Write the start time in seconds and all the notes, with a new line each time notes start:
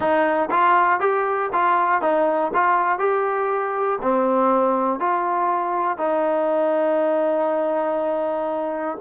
0.00 D#4
0.50 F4
1.00 G4
1.53 F4
2.01 D#4
2.54 F4
2.99 G4
4.02 C4
4.99 F4
5.97 D#4